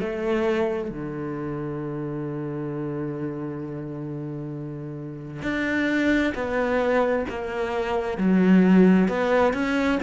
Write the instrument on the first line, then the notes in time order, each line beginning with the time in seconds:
cello
0.00 A3
0.90 D3
5.42 D4
6.35 B3
7.29 A#3
8.17 F#3
9.08 B3
9.53 C#4